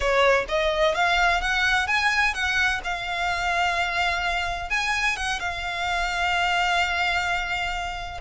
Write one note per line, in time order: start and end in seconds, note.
0.00 0.45 C#5
0.48 0.95 D#5
0.95 1.41 F5
1.41 1.87 F#5
1.87 2.34 G#5
2.34 2.81 F#5
2.84 4.70 F5
4.70 5.16 G#5
5.16 5.39 F#5
5.39 8.20 F5